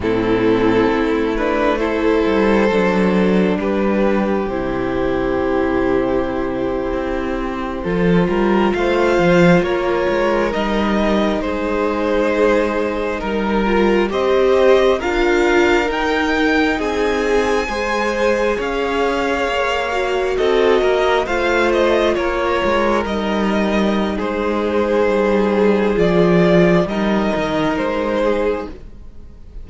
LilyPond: <<
  \new Staff \with { instrumentName = "violin" } { \time 4/4 \tempo 4 = 67 a'4. b'8 c''2 | b'4 c''2.~ | c''4.~ c''16 f''4 cis''4 dis''16~ | dis''8. c''2 ais'4 dis''16~ |
dis''8. f''4 g''4 gis''4~ gis''16~ | gis''8. f''2 dis''4 f''16~ | f''16 dis''8 cis''4 dis''4~ dis''16 c''4~ | c''4 d''4 dis''4 c''4 | }
  \new Staff \with { instrumentName = "violin" } { \time 4/4 e'2 a'2 | g'1~ | g'8. a'8 ais'8 c''4 ais'4~ ais'16~ | ais'8. gis'2 ais'4 c''16~ |
c''8. ais'2 gis'4 c''16~ | c''8. cis''2 a'8 ais'8 c''16~ | c''8. ais'2~ ais'16 gis'4~ | gis'2 ais'4. gis'8 | }
  \new Staff \with { instrumentName = "viola" } { \time 4/4 c'4. d'8 e'4 d'4~ | d'4 e'2.~ | e'8. f'2. dis'16~ | dis'2.~ dis'16 f'8 g'16~ |
g'8. f'4 dis'2 gis'16~ | gis'2~ gis'16 fis'4. f'16~ | f'4.~ f'16 dis'2~ dis'16~ | dis'4 f'4 dis'2 | }
  \new Staff \with { instrumentName = "cello" } { \time 4/4 a,4 a4. g8 fis4 | g4 c2~ c8. c'16~ | c'8. f8 g8 a8 f8 ais8 gis8 g16~ | g8. gis2 g4 c'16~ |
c'8. d'4 dis'4 c'4 gis16~ | gis8. cis'4 ais4 c'8 ais8 a16~ | a8. ais8 gis8 g4~ g16 gis4 | g4 f4 g8 dis8 gis4 | }
>>